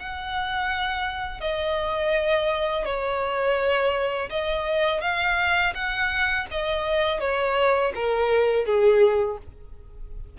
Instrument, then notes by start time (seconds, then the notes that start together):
violin
0.00 F#5
1.41 D#5
2.85 C#5
4.30 D#5
5.01 F5
5.75 F#5
6.52 D#5
7.21 C#5
7.96 A#4
8.66 G#4